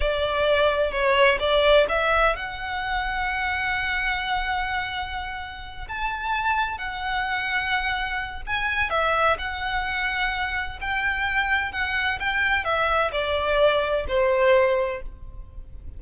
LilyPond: \new Staff \with { instrumentName = "violin" } { \time 4/4 \tempo 4 = 128 d''2 cis''4 d''4 | e''4 fis''2.~ | fis''1~ | fis''8 a''2 fis''4.~ |
fis''2 gis''4 e''4 | fis''2. g''4~ | g''4 fis''4 g''4 e''4 | d''2 c''2 | }